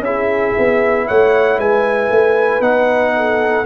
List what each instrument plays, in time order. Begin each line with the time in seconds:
0.00 tuba C#4, trombone E4, trumpet E5
0.06 horn G#4
0.59 tuba B3
1.07 tuba A3, horn C#5, trumpet F#5
1.59 tuba G#3, horn B4, trumpet G#5
2.10 tuba A3
2.61 tuba B3, trombone D#4, trumpet F#5
3.17 horn A4